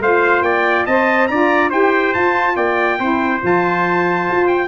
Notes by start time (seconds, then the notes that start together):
0.00 A3 F4 C5 F5
0.41 A#3 D5 G5
0.86 C4 C5 D#5 A5
1.27 D4 F4 D5 A#5
1.70 E4 G4 C5 G5
2.14 F4 A5
2.56 A#3 D5 G5
2.99 C4 E4 C5
3.41 F3 F4 A5
4.29 F4
4.47 G5